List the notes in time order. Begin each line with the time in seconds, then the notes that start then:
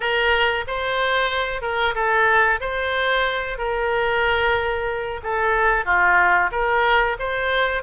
0.00 A#4
0.67 C5
1.61 A#4
1.94 A4
2.60 C5
3.58 A#4
5.23 A4
5.85 F4
6.51 A#4
7.19 C5